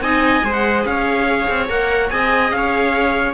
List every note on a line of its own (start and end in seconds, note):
0.00 0.42 C4
0.00 0.44 D#4
0.00 0.44 D#5
0.00 0.53 G#5
0.44 0.85 G#3
0.44 1.69 G#4
0.44 0.86 C5
0.53 0.84 F#5
0.85 1.47 C#4
0.85 2.13 C#5
0.85 1.69 F5
1.49 1.69 C4
1.69 2.11 A#3
1.69 2.10 A#4
1.69 2.10 F#5
2.10 2.51 C4
2.10 3.34 G#4
2.10 2.55 D#5
2.10 2.51 G#5
2.51 3.34 C#4
2.51 3.34 C#5
2.51 3.34 F5